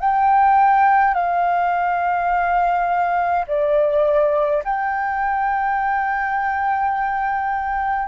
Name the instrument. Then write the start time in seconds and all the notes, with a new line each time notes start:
flute
0.00 G5
1.14 F5
3.48 D5
4.65 G5